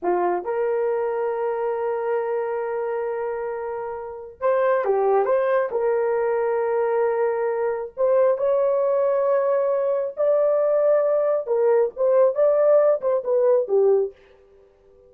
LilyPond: \new Staff \with { instrumentName = "horn" } { \time 4/4 \tempo 4 = 136 f'4 ais'2.~ | ais'1~ | ais'2 c''4 g'4 | c''4 ais'2.~ |
ais'2 c''4 cis''4~ | cis''2. d''4~ | d''2 ais'4 c''4 | d''4. c''8 b'4 g'4 | }